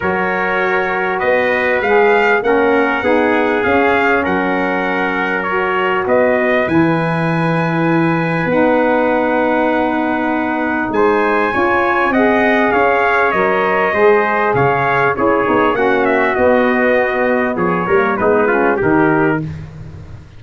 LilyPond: <<
  \new Staff \with { instrumentName = "trumpet" } { \time 4/4 \tempo 4 = 99 cis''2 dis''4 f''4 | fis''2 f''4 fis''4~ | fis''4 cis''4 dis''4 gis''4~ | gis''2 fis''2~ |
fis''2 gis''2 | fis''4 f''4 dis''2 | f''4 cis''4 fis''8 e''8 dis''4~ | dis''4 cis''4 b'4 ais'4 | }
  \new Staff \with { instrumentName = "trumpet" } { \time 4/4 ais'2 b'2 | ais'4 gis'2 ais'4~ | ais'2 b'2~ | b'1~ |
b'2 c''4 cis''4 | dis''4 cis''2 c''4 | cis''4 gis'4 fis'2~ | fis'4 gis'8 ais'8 dis'8 f'8 g'4 | }
  \new Staff \with { instrumentName = "saxophone" } { \time 4/4 fis'2. gis'4 | cis'4 dis'4 cis'2~ | cis'4 fis'2 e'4~ | e'2 dis'2~ |
dis'2. f'4 | gis'2 ais'4 gis'4~ | gis'4 e'8 dis'8 cis'4 b4~ | b4. ais8 b8 cis'8 dis'4 | }
  \new Staff \with { instrumentName = "tuba" } { \time 4/4 fis2 b4 gis4 | ais4 b4 cis'4 fis4~ | fis2 b4 e4~ | e2 b2~ |
b2 gis4 cis'4 | c'4 cis'4 fis4 gis4 | cis4 cis'8 b8 ais4 b4~ | b4 f8 g8 gis4 dis4 | }
>>